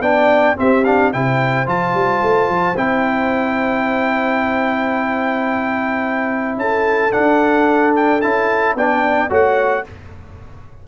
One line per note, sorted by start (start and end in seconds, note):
0.00 0.55 B3
0.00 0.56 D4
0.00 0.56 D5
0.00 0.56 G5
0.56 0.84 C4
0.56 1.14 C4
0.56 1.15 G4
0.56 0.85 E5
0.85 1.13 D4
0.85 1.12 F5
1.13 1.67 C3
1.13 1.66 E4
1.13 6.60 C5
1.13 1.67 G5
1.66 1.94 F3
1.66 2.75 F4
1.66 2.77 A5
1.94 2.21 G3
2.22 2.49 A3
2.49 2.76 F3
2.76 6.56 C4
2.76 7.11 E4
2.76 6.59 G5
6.56 7.11 C#4
6.56 8.76 A4
6.56 7.12 A5
7.11 8.21 D4
7.11 8.24 D4
7.11 7.94 F#5
7.96 8.21 G5
8.21 8.75 C#4
8.21 8.77 E4
8.21 8.76 A5
8.75 9.30 B3
8.75 9.30 D4
8.75 9.30 D5
8.75 9.32 G5
9.30 9.85 A3
9.30 9.84 F#4
9.30 9.84 C#5
9.30 9.88 F#5